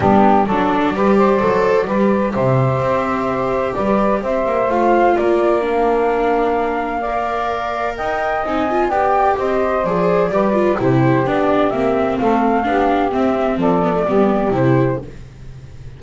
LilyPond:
<<
  \new Staff \with { instrumentName = "flute" } { \time 4/4 \tempo 4 = 128 g'4 d''2.~ | d''4 e''2. | d''4 e''4 f''4 d''4 | f''1~ |
f''4 g''4 gis''4 g''4 | dis''4 d''2 c''4 | d''4 e''4 f''2 | e''4 d''2 c''4 | }
  \new Staff \with { instrumentName = "saxophone" } { \time 4/4 d'4 a'4 b'8 c''4. | b'4 c''2. | b'4 c''2 ais'4~ | ais'2. d''4~ |
d''4 dis''2 d''4 | c''2 b'4 g'4~ | g'2 a'4 g'4~ | g'4 a'4 g'2 | }
  \new Staff \with { instrumentName = "viola" } { \time 4/4 b4 d'4 g'4 a'4 | g'1~ | g'2 f'2 | d'2. ais'4~ |
ais'2 dis'8 f'8 g'4~ | g'4 gis'4 g'8 f'8 e'4 | d'4 c'2 d'4 | c'4. b16 a16 b4 e'4 | }
  \new Staff \with { instrumentName = "double bass" } { \time 4/4 g4 fis4 g4 fis4 | g4 c4 c'2 | g4 c'8 ais8 a4 ais4~ | ais1~ |
ais4 dis'4 c'4 b4 | c'4 f4 g4 c4 | b4 ais4 a4 b4 | c'4 f4 g4 c4 | }
>>